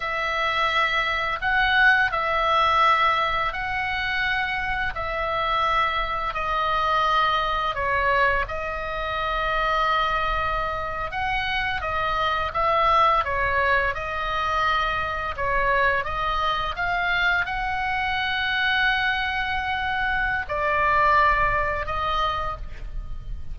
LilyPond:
\new Staff \with { instrumentName = "oboe" } { \time 4/4 \tempo 4 = 85 e''2 fis''4 e''4~ | e''4 fis''2 e''4~ | e''4 dis''2 cis''4 | dis''2.~ dis''8. fis''16~ |
fis''8. dis''4 e''4 cis''4 dis''16~ | dis''4.~ dis''16 cis''4 dis''4 f''16~ | f''8. fis''2.~ fis''16~ | fis''4 d''2 dis''4 | }